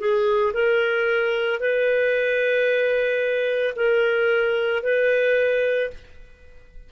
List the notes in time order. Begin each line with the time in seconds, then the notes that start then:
0.00 G#4
0.54 A#4
1.60 B4
3.76 A#4
4.83 B4